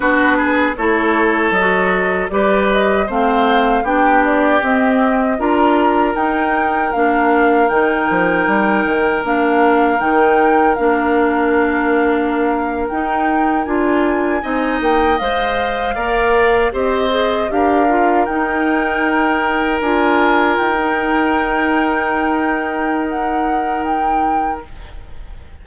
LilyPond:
<<
  \new Staff \with { instrumentName = "flute" } { \time 4/4 \tempo 4 = 78 b'4 cis''4 dis''4 d''8 dis''8 | f''4 g''8 d''8 dis''4 ais''4 | g''4 f''4 g''2 | f''4 g''4 f''2~ |
f''8. g''4 gis''4. g''8 f''16~ | f''4.~ f''16 dis''4 f''4 g''16~ | g''4.~ g''16 gis''4 g''4~ g''16~ | g''2 fis''4 g''4 | }
  \new Staff \with { instrumentName = "oboe" } { \time 4/4 fis'8 gis'8 a'2 b'4 | c''4 g'2 ais'4~ | ais'1~ | ais'1~ |
ais'2~ ais'8. dis''4~ dis''16~ | dis''8. d''4 c''4 ais'4~ ais'16~ | ais'1~ | ais'1 | }
  \new Staff \with { instrumentName = "clarinet" } { \time 4/4 d'4 e'4 fis'4 g'4 | c'4 d'4 c'4 f'4 | dis'4 d'4 dis'2 | d'4 dis'4 d'2~ |
d'8. dis'4 f'4 dis'4 c''16~ | c''8. ais'4 g'8 gis'8 g'8 f'8 dis'16~ | dis'4.~ dis'16 f'4~ f'16 dis'4~ | dis'1 | }
  \new Staff \with { instrumentName = "bassoon" } { \time 4/4 b4 a4 fis4 g4 | a4 b4 c'4 d'4 | dis'4 ais4 dis8 f8 g8 dis8 | ais4 dis4 ais2~ |
ais8. dis'4 d'4 c'8 ais8 gis16~ | gis8. ais4 c'4 d'4 dis'16~ | dis'4.~ dis'16 d'4 dis'4~ dis'16~ | dis'1 | }
>>